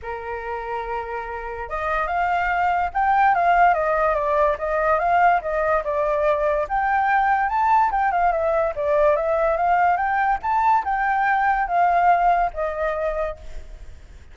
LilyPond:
\new Staff \with { instrumentName = "flute" } { \time 4/4 \tempo 4 = 144 ais'1 | dis''4 f''2 g''4 | f''4 dis''4 d''4 dis''4 | f''4 dis''4 d''2 |
g''2 a''4 g''8 f''8 | e''4 d''4 e''4 f''4 | g''4 a''4 g''2 | f''2 dis''2 | }